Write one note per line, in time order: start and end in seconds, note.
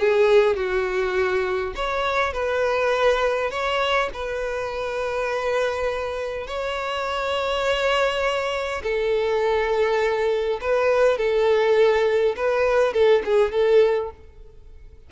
0.00 0.57 G#4
0.57 1.74 F#4
1.76 2.33 C#5
2.33 3.51 B4
3.51 4.10 C#5
4.14 6.48 B4
6.48 8.83 C#5
8.84 10.60 A4
10.61 11.18 B4
11.18 12.36 A4
12.37 12.94 B4
12.94 13.23 A4
13.26 13.52 G#4
13.52 14.11 A4